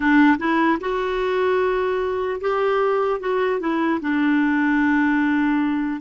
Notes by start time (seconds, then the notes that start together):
0.00 D4
0.38 E4
0.80 F#4
2.40 G4
3.20 F#4
3.60 E4
4.00 D4